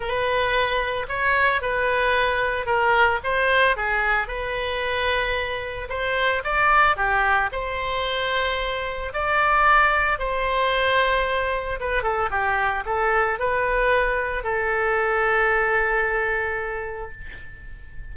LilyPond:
\new Staff \with { instrumentName = "oboe" } { \time 4/4 \tempo 4 = 112 b'2 cis''4 b'4~ | b'4 ais'4 c''4 gis'4 | b'2. c''4 | d''4 g'4 c''2~ |
c''4 d''2 c''4~ | c''2 b'8 a'8 g'4 | a'4 b'2 a'4~ | a'1 | }